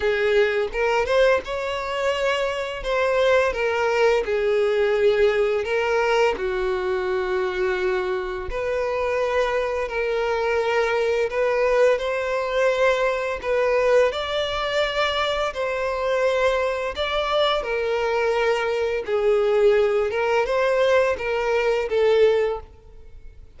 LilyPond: \new Staff \with { instrumentName = "violin" } { \time 4/4 \tempo 4 = 85 gis'4 ais'8 c''8 cis''2 | c''4 ais'4 gis'2 | ais'4 fis'2. | b'2 ais'2 |
b'4 c''2 b'4 | d''2 c''2 | d''4 ais'2 gis'4~ | gis'8 ais'8 c''4 ais'4 a'4 | }